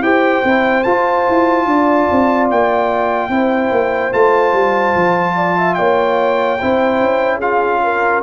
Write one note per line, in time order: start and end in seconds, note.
0.00 0.41 E4
0.00 0.43 G4
0.00 1.67 C5
0.00 0.83 G5
0.44 0.85 C4
0.44 0.85 E4
0.83 3.30 F4
0.83 1.27 F4
0.83 2.47 A5
1.29 1.66 E4
1.66 2.07 D4
1.66 3.31 D5
2.11 2.51 C4
2.51 3.29 A#3
2.51 4.13 G5
3.29 3.70 C4
3.29 4.12 E4
3.29 5.36 C5
3.71 4.12 A#3
4.12 4.53 A3
4.12 6.59 F4
4.12 5.74 A5
4.53 4.94 G3
4.96 5.78 F3
5.36 5.57 D5
5.58 5.78 E5
5.74 6.60 A#3
5.74 6.60 C#5
5.74 7.38 G5
6.60 7.00 C4
6.60 7.42 E4
6.60 7.37 C5
7.00 8.23 C#4
7.37 8.23 F4
7.37 7.78 G#4
7.37 8.23 F5
7.83 8.23 A#4